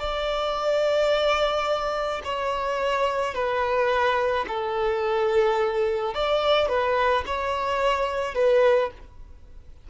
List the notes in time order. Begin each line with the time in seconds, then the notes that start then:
0.00 D5
2.25 C#5
3.35 B4
4.48 A4
6.15 D5
6.69 B4
7.27 C#5
8.35 B4